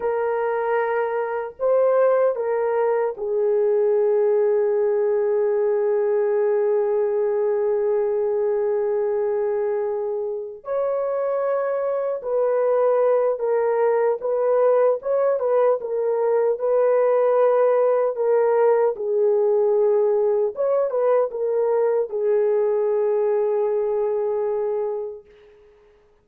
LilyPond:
\new Staff \with { instrumentName = "horn" } { \time 4/4 \tempo 4 = 76 ais'2 c''4 ais'4 | gis'1~ | gis'1~ | gis'4. cis''2 b'8~ |
b'4 ais'4 b'4 cis''8 b'8 | ais'4 b'2 ais'4 | gis'2 cis''8 b'8 ais'4 | gis'1 | }